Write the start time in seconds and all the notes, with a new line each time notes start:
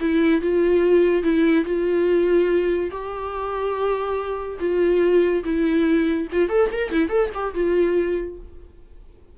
0.00 E4
0.41 F4
1.23 E4
1.65 F4
2.91 G4
4.59 F4
5.44 E4
6.32 F4
6.49 A4
6.72 A#4
6.91 E4
7.09 A4
7.34 G4
7.54 F4